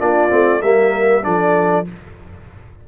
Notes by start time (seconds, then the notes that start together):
0.00 A#3 D4 F4 D5
0.29 A3 C4
0.61 G3 A#3 A#4 E5
1.23 F3 D4 A4 D5